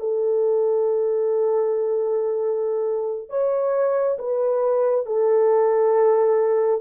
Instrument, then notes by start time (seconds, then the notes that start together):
horn
0.00 A4
3.29 C#5
4.19 B4
5.06 A4